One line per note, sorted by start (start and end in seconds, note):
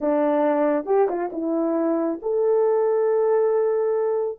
0.00 0.85 D4
0.85 1.07 G4
1.08 1.30 F4
1.32 2.20 E4
2.22 4.38 A4